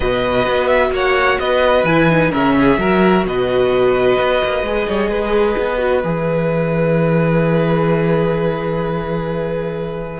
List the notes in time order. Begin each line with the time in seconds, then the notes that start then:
0.00 B2 F#4 B4 D#5
0.46 B3
0.67 E5
0.91 A#3 C#5 F#5
1.39 B3 B4 D#5
1.83 E3 E4 G#5
2.09 D#4
2.31 C#3 C#4 A#4 E5
2.58 G#4
2.77 F#3 F#4 A#4
3.24 B2 B4 D#5
4.18 B3
4.44 A#3
4.62 G#3 G#4
4.87 G3 C#5
5.09 G#3 B4
5.57 B3
5.78 F#4
6.03 E3 G#4 E5